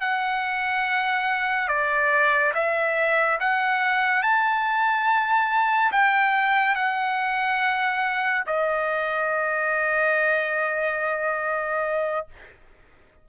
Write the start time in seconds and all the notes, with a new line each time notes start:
0.00 F#5
1.68 D5
2.54 E5
3.40 F#5
4.22 A5
5.92 G5
6.75 F#5
8.46 D#5